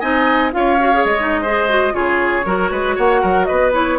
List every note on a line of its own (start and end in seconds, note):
0.00 0.54 C4
0.00 0.52 D#4
0.00 0.52 D#5
0.00 0.51 G#5
0.52 1.05 C#4
0.52 0.78 F4
0.52 1.42 C#5
0.52 1.05 F5
0.80 0.93 F#4
0.93 1.19 G#4
1.05 1.94 G#3
1.05 1.95 D#5
1.19 1.45 D#4
1.42 1.70 G#4
1.42 1.93 C5
1.70 1.93 F#4
1.93 2.46 C#3
1.93 2.44 F4
1.93 2.46 G#4
1.93 2.97 C#5
2.46 2.71 F#3
2.46 3.73 F#4
2.46 2.71 A#4
2.71 2.97 G#3
2.71 2.96 B4
2.96 3.24 A#3
2.96 3.21 C#5
2.96 3.45 F#5
3.22 3.49 F#3
3.22 3.47 A#4
3.45 3.99 B3
3.45 3.99 B4
3.45 3.71 D#5
3.73 3.99 E4
3.73 3.99 C#5